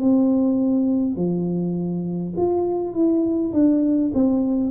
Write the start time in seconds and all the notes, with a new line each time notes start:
0.00 C4
1.16 F3
2.37 F4
2.94 E4
3.53 D4
4.14 C4